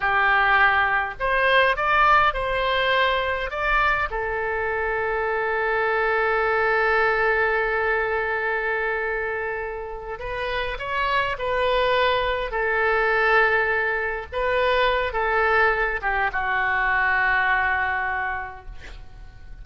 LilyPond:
\new Staff \with { instrumentName = "oboe" } { \time 4/4 \tempo 4 = 103 g'2 c''4 d''4 | c''2 d''4 a'4~ | a'1~ | a'1~ |
a'4. b'4 cis''4 b'8~ | b'4. a'2~ a'8~ | a'8 b'4. a'4. g'8 | fis'1 | }